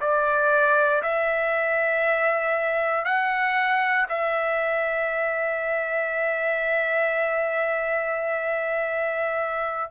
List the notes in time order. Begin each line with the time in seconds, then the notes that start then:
0.00 D5
1.02 E5
3.05 F#5
4.09 E5